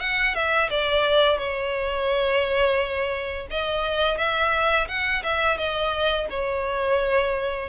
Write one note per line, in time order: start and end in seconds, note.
0.00 0.35 F#5
0.35 0.70 E5
0.70 1.38 D5
1.38 3.47 C#5
3.50 4.18 D#5
4.18 4.87 E5
4.88 5.23 F#5
5.23 5.58 E5
5.58 6.27 D#5
6.30 7.69 C#5